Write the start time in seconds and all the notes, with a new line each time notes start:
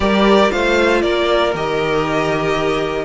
0.00 G3 G4 A#4 D5
0.50 A3 F4 C5 F5
1.01 A#3 A#4 D5
1.54 D#3 G4 D#5